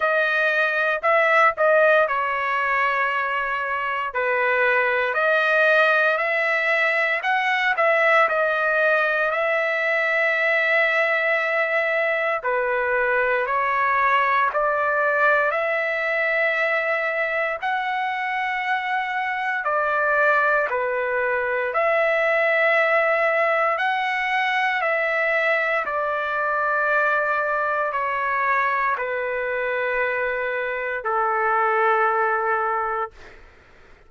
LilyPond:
\new Staff \with { instrumentName = "trumpet" } { \time 4/4 \tempo 4 = 58 dis''4 e''8 dis''8 cis''2 | b'4 dis''4 e''4 fis''8 e''8 | dis''4 e''2. | b'4 cis''4 d''4 e''4~ |
e''4 fis''2 d''4 | b'4 e''2 fis''4 | e''4 d''2 cis''4 | b'2 a'2 | }